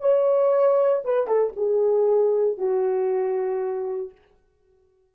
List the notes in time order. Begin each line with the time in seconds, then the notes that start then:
0.00 C#5
1.04 B4
1.27 A4
1.56 G#4
2.57 F#4